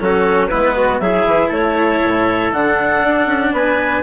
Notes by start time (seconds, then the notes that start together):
0.00 F#3 C#4 F#4 A4
0.48 G#3 B3 E4 B4
0.77 F#4
0.99 F#3 E4 G#4 E5
1.27 E3
1.49 A3 A4 C#5
2.04 A2
2.53 D3 D4 F#5
3.03 D4
3.27 C#4
3.53 B3 B4 G#5